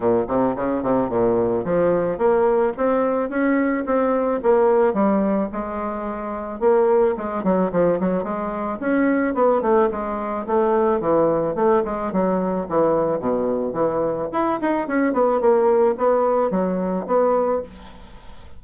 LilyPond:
\new Staff \with { instrumentName = "bassoon" } { \time 4/4 \tempo 4 = 109 ais,8 c8 cis8 c8 ais,4 f4 | ais4 c'4 cis'4 c'4 | ais4 g4 gis2 | ais4 gis8 fis8 f8 fis8 gis4 |
cis'4 b8 a8 gis4 a4 | e4 a8 gis8 fis4 e4 | b,4 e4 e'8 dis'8 cis'8 b8 | ais4 b4 fis4 b4 | }